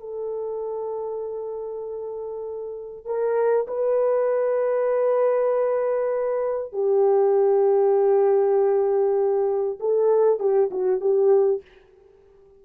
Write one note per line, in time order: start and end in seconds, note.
0.00 3.06 A4
3.06 3.67 A#4
3.68 6.73 B4
6.73 9.79 G4
9.80 10.39 A4
10.39 10.70 G4
10.71 11.01 F#4
11.01 11.62 G4